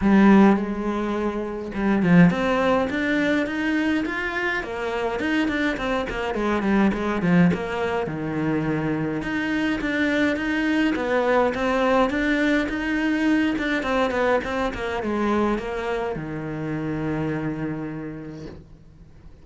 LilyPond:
\new Staff \with { instrumentName = "cello" } { \time 4/4 \tempo 4 = 104 g4 gis2 g8 f8 | c'4 d'4 dis'4 f'4 | ais4 dis'8 d'8 c'8 ais8 gis8 g8 | gis8 f8 ais4 dis2 |
dis'4 d'4 dis'4 b4 | c'4 d'4 dis'4. d'8 | c'8 b8 c'8 ais8 gis4 ais4 | dis1 | }